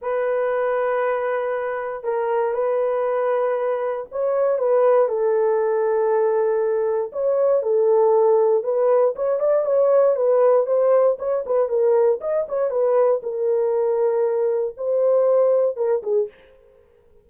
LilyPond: \new Staff \with { instrumentName = "horn" } { \time 4/4 \tempo 4 = 118 b'1 | ais'4 b'2. | cis''4 b'4 a'2~ | a'2 cis''4 a'4~ |
a'4 b'4 cis''8 d''8 cis''4 | b'4 c''4 cis''8 b'8 ais'4 | dis''8 cis''8 b'4 ais'2~ | ais'4 c''2 ais'8 gis'8 | }